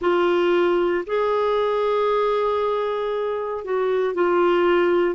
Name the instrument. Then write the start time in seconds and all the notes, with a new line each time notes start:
clarinet
0.01 F4
1.06 G#4
3.64 F#4
4.14 F4